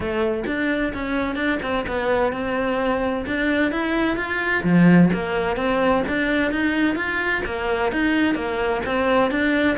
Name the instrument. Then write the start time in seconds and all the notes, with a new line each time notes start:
cello
0.00 A3
0.46 D4
0.93 C#4
1.35 D4
1.62 C4
1.87 B3
2.32 C4
3.26 D4
3.71 E4
4.16 F4
4.63 F3
5.13 A#3
5.56 C4
6.08 D4
6.51 D#4
6.95 F4
7.45 A#3
7.92 D#4
8.34 A#3
8.85 C4
9.30 D4